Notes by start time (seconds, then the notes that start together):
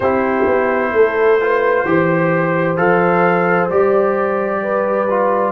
0.00 C4 E4 G4 C5
0.46 B3
0.92 A3 A4
1.40 F4 B4
1.85 E3 G4 C5
2.77 F3 A4 F5
3.69 G3 G4 D5
4.62 B4
5.09 F4